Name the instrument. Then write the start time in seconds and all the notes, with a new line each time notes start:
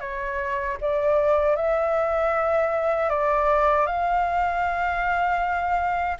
flute
0.00 C#5
0.81 D5
1.56 E5
3.09 D5
3.86 F5